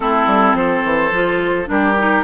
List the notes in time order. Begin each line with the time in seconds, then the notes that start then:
0.00 A3 C4 E4 A4
0.26 G3
0.54 F3 A4 C5
0.84 E3
1.11 F3 F4
1.65 G3 D4 G4 A#4
1.98 D#4